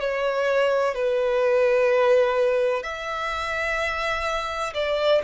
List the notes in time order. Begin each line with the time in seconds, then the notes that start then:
0.00 C#5
0.94 B4
2.83 E5
4.74 D5